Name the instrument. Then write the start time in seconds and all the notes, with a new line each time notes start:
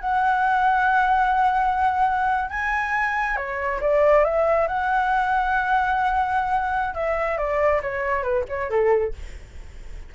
flute
0.00 F#5
2.50 G#5
3.36 C#5
3.81 D5
4.25 E5
4.68 F#5
6.94 E5
7.38 D5
7.82 C#5
8.23 B4
8.48 C#5
8.70 A4